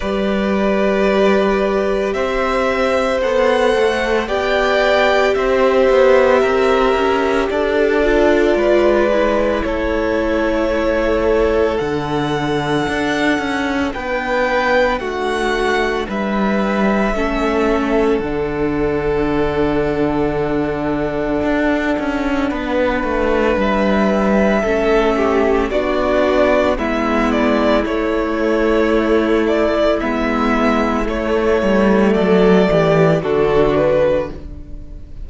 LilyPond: <<
  \new Staff \with { instrumentName = "violin" } { \time 4/4 \tempo 4 = 56 d''2 e''4 fis''4 | g''4 e''2 d''4~ | d''4 cis''2 fis''4~ | fis''4 g''4 fis''4 e''4~ |
e''4 fis''2.~ | fis''2 e''2 | d''4 e''8 d''8 cis''4. d''8 | e''4 cis''4 d''4 a'8 b'8 | }
  \new Staff \with { instrumentName = "violin" } { \time 4/4 b'2 c''2 | d''4 c''4 ais'4 a'4 | b'4 a'2.~ | a'4 b'4 fis'4 b'4 |
a'1~ | a'4 b'2 a'8 g'8 | fis'4 e'2.~ | e'2 a'8 g'8 fis'4 | }
  \new Staff \with { instrumentName = "viola" } { \time 4/4 g'2. a'4 | g'2.~ g'8 f'8~ | f'8 e'2~ e'8 d'4~ | d'1 |
cis'4 d'2.~ | d'2. cis'4 | d'4 b4 a2 | b4 a2 d'4 | }
  \new Staff \with { instrumentName = "cello" } { \time 4/4 g2 c'4 b8 a8 | b4 c'8 b8 c'8 cis'8 d'4 | gis4 a2 d4 | d'8 cis'8 b4 a4 g4 |
a4 d2. | d'8 cis'8 b8 a8 g4 a4 | b4 gis4 a2 | gis4 a8 g8 fis8 e8 d4 | }
>>